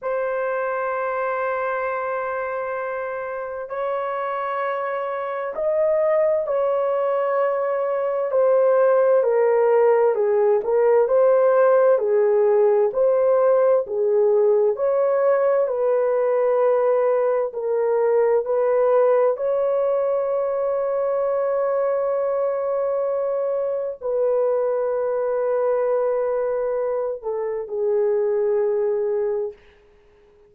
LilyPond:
\new Staff \with { instrumentName = "horn" } { \time 4/4 \tempo 4 = 65 c''1 | cis''2 dis''4 cis''4~ | cis''4 c''4 ais'4 gis'8 ais'8 | c''4 gis'4 c''4 gis'4 |
cis''4 b'2 ais'4 | b'4 cis''2.~ | cis''2 b'2~ | b'4. a'8 gis'2 | }